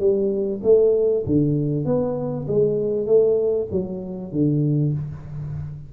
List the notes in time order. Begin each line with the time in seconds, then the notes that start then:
0.00 G3
0.64 A3
1.26 D3
1.86 B3
2.48 G#3
3.07 A3
3.72 F#3
4.32 D3